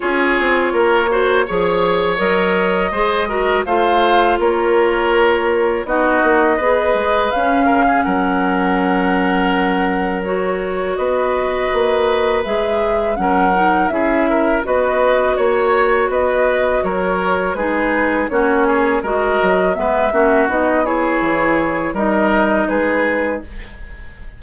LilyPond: <<
  \new Staff \with { instrumentName = "flute" } { \time 4/4 \tempo 4 = 82 cis''2. dis''4~ | dis''4 f''4 cis''2 | dis''2 f''4 fis''4~ | fis''2 cis''4 dis''4~ |
dis''4 e''4 fis''4 e''4 | dis''4 cis''4 dis''4 cis''4 | b'4 cis''4 dis''4 e''4 | dis''8 cis''4. dis''4 b'4 | }
  \new Staff \with { instrumentName = "oboe" } { \time 4/4 gis'4 ais'8 c''8 cis''2 | c''8 ais'8 c''4 ais'2 | fis'4 b'4. ais'16 gis'16 ais'4~ | ais'2. b'4~ |
b'2 ais'4 gis'8 ais'8 | b'4 cis''4 b'4 ais'4 | gis'4 fis'8 gis'8 ais'4 b'8 fis'8~ | fis'8 gis'4. ais'4 gis'4 | }
  \new Staff \with { instrumentName = "clarinet" } { \time 4/4 f'4. fis'8 gis'4 ais'4 | gis'8 fis'8 f'2. | dis'4 gis'4 cis'2~ | cis'2 fis'2~ |
fis'4 gis'4 cis'8 dis'8 e'4 | fis'1 | dis'4 cis'4 fis'4 b8 cis'8 | dis'8 e'4. dis'2 | }
  \new Staff \with { instrumentName = "bassoon" } { \time 4/4 cis'8 c'8 ais4 f4 fis4 | gis4 a4 ais2 | b8 ais8 b8 gis8 cis'8 cis8 fis4~ | fis2. b4 |
ais4 gis4 fis4 cis'4 | b4 ais4 b4 fis4 | gis4 ais4 gis8 fis8 gis8 ais8 | b4 e4 g4 gis4 | }
>>